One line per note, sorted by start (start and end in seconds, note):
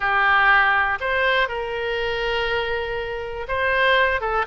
0.00 0.98 G4
1.00 1.48 C5
1.48 3.46 A#4
3.48 4.20 C5
4.20 4.45 A4